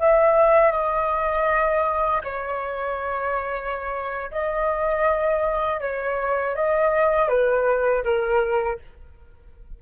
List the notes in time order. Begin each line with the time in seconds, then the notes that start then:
0.00 E5
0.72 D#5
2.25 C#5
4.32 D#5
5.81 C#5
6.56 D#5
7.29 B4
8.05 A#4